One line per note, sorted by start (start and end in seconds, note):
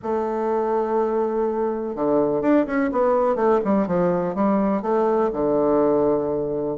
0.02 1.95 A3
1.95 2.41 D3
2.41 2.65 D4
2.66 2.90 C#4
2.92 3.35 B3
3.35 3.59 A3
3.64 3.87 G3
3.87 4.34 F3
4.34 4.82 G3
4.82 5.30 A3
5.32 6.77 D3